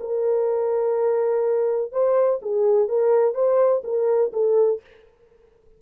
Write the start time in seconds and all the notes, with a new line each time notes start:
0.00 A#4
1.92 C5
2.42 G#4
2.88 A#4
3.34 C5
3.84 A#4
4.32 A4